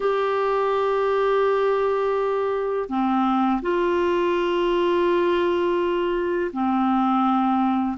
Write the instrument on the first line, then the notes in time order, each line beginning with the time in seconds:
clarinet
0.00 G4
2.89 C4
3.62 F4
6.52 C4